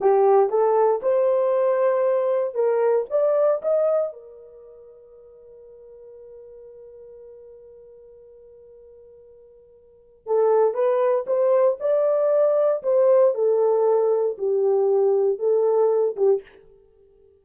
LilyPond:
\new Staff \with { instrumentName = "horn" } { \time 4/4 \tempo 4 = 117 g'4 a'4 c''2~ | c''4 ais'4 d''4 dis''4 | ais'1~ | ais'1~ |
ais'1 | a'4 b'4 c''4 d''4~ | d''4 c''4 a'2 | g'2 a'4. g'8 | }